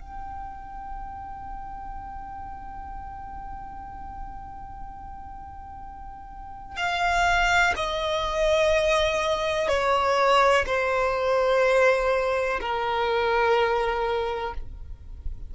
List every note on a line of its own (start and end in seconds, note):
0.00 6.77 G5
6.77 7.73 F5
7.76 9.68 D#5
9.68 10.65 C#5
10.66 12.59 C5
12.60 14.54 A#4